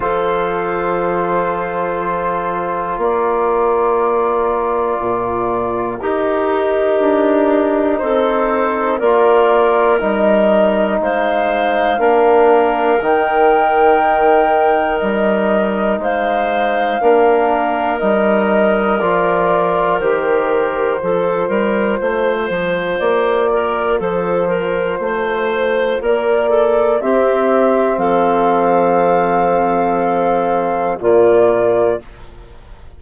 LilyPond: <<
  \new Staff \with { instrumentName = "flute" } { \time 4/4 \tempo 4 = 60 c''2. d''4~ | d''2 ais'2 | c''4 d''4 dis''4 f''4~ | f''4 g''2 dis''4 |
f''2 dis''4 d''4 | c''2. d''4 | c''2 d''4 e''4 | f''2. d''4 | }
  \new Staff \with { instrumentName = "clarinet" } { \time 4/4 a'2. ais'4~ | ais'2 g'2 | a'4 ais'2 c''4 | ais'1 |
c''4 ais'2.~ | ais'4 a'8 ais'8 c''4. ais'8 | a'8 ais'8 c''4 ais'8 a'8 g'4 | a'2. f'4 | }
  \new Staff \with { instrumentName = "trombone" } { \time 4/4 f'1~ | f'2 dis'2~ | dis'4 f'4 dis'2 | d'4 dis'2.~ |
dis'4 d'4 dis'4 f'4 | g'4 f'2.~ | f'2. c'4~ | c'2. ais4 | }
  \new Staff \with { instrumentName = "bassoon" } { \time 4/4 f2. ais4~ | ais4 ais,4 dis'4 d'4 | c'4 ais4 g4 gis4 | ais4 dis2 g4 |
gis4 ais4 g4 f4 | dis4 f8 g8 a8 f8 ais4 | f4 a4 ais4 c'4 | f2. ais,4 | }
>>